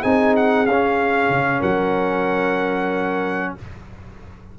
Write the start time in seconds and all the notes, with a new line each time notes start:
0.00 C4 D#4 G#4 G#5
0.37 F#5
0.66 C#4 F5
1.29 C#3
1.59 F#3 A#4 F#5